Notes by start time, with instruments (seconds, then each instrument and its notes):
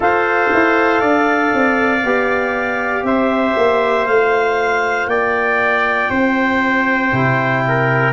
0.00 tuba F4, trombone A4, trumpet C5, clarinet F5
0.53 tuba E4
1.00 tuba D4, trumpet D5
1.54 tuba C4
2.03 tuba B3, trombone G4
3.03 tuba C4, trumpet C5, clarinet E5
3.57 tuba A#3
4.06 tuba A3, trombone F4, clarinet F5
5.07 tuba A#3, trumpet D5, clarinet G5
6.10 tuba C4, trumpet C5
7.11 tuba C3, trombone E4
7.68 trumpet A#4